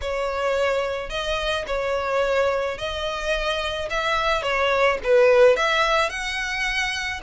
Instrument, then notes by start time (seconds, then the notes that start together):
violin
0.01 C#5
1.09 D#5
1.67 C#5
2.78 D#5
3.89 E5
4.42 C#5
5.03 B4
5.56 E5
6.09 F#5